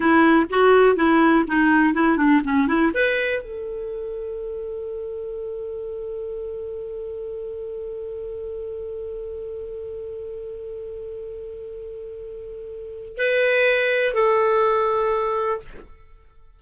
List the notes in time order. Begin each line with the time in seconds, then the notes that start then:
0.00 E4
0.49 F#4
0.95 E4
1.47 D#4
1.94 E4
2.17 D4
2.44 C#4
2.67 E4
2.94 B4
3.41 A4
13.17 B4
14.14 A4